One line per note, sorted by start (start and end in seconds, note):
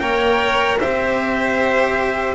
0.00 0.79 A#3
0.00 0.78 A#4
0.00 0.79 C#5
0.00 0.78 G5
0.80 2.35 C4
0.80 2.35 G4
0.80 2.35 C5
0.80 2.35 E5